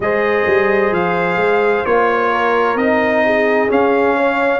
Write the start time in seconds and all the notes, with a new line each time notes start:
0.00 G#3 G#4 C5 D#5
0.46 G3
0.91 F3 F5
1.36 G#3
1.85 A#3 F4 C#5
2.31 A#4
2.75 C4 D#4 D#5
3.25 G#4
3.68 C#4 F5
4.17 C#5